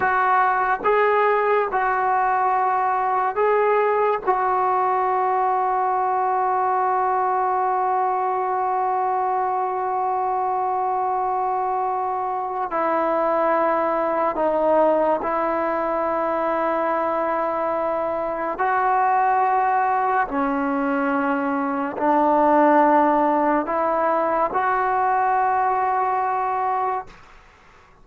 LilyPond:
\new Staff \with { instrumentName = "trombone" } { \time 4/4 \tempo 4 = 71 fis'4 gis'4 fis'2 | gis'4 fis'2.~ | fis'1~ | fis'2. e'4~ |
e'4 dis'4 e'2~ | e'2 fis'2 | cis'2 d'2 | e'4 fis'2. | }